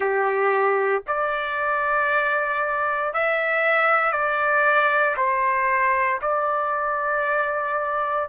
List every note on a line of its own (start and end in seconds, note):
0.00 1.03 G4
1.07 3.13 D5
3.13 4.11 E5
4.11 5.15 D5
5.17 6.20 C5
6.21 8.28 D5